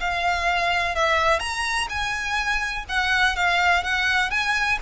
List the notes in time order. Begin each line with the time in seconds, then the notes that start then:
0.00 F5
0.95 E5
1.40 A#5
1.89 G#5
2.89 F#5
3.36 F5
3.84 F#5
4.30 G#5